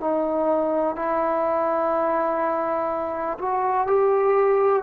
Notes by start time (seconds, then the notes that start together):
0.00 D#4
0.96 E4
3.39 F#4
3.87 G4